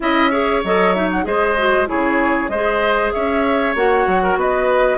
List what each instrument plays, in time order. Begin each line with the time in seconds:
0.00 bassoon C#4, clarinet E4, oboe D#5, flute E5
0.31 clarinet G#4, oboe C#5
0.64 bassoon F#3, clarinet A4, flute D#5
0.94 clarinet D#4, flute E5
1.11 flute F#5
1.24 bassoon G#3, clarinet G#4, oboe C5, flute D#5
1.57 clarinet F#4
1.86 bassoon C#3, clarinet E4, oboe G#4, flute C#5
2.48 bassoon G#3, oboe C5, flute D#5
2.54 clarinet G#4
3.12 bassoon C#4, oboe C#5, flute E5
3.75 bassoon A#3, clarinet F#4, flute F#5
4.07 bassoon F#3
4.22 oboe A#4
4.36 bassoon B3, oboe B4, flute D#5